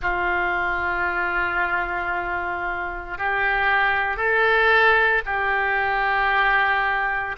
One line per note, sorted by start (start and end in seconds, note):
0.02 3.18 F4
3.18 4.16 G4
4.16 5.22 A4
5.25 7.36 G4